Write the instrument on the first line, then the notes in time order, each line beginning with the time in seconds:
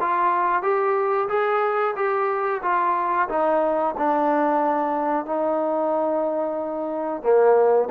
trombone
0.00 F4
0.62 G4
1.29 G#4
1.96 G4
2.63 F4
3.29 D#4
3.98 D4
5.26 D#4
7.23 A#3